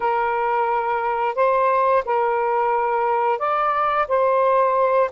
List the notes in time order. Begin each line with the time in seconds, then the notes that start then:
0.00 A#4
1.35 C5
2.05 A#4
3.38 D5
4.08 C5